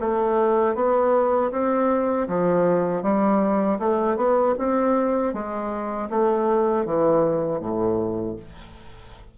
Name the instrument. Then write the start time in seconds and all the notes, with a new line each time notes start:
bassoon
0.00 A3
0.75 B3
1.52 C4
2.28 F3
3.03 G3
3.79 A3
4.17 B3
4.58 C4
5.33 G#3
6.10 A3
6.86 E3
7.60 A2